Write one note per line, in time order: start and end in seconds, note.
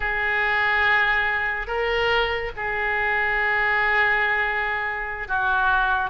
0.00 1.67 G#4
1.67 2.51 A#4
2.56 5.28 G#4
5.28 6.10 F#4